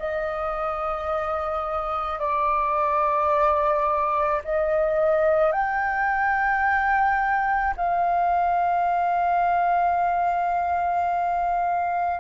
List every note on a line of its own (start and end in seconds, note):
0.00 2.20 D#5
2.20 4.42 D5
4.45 5.53 D#5
5.53 7.75 G5
7.77 12.21 F5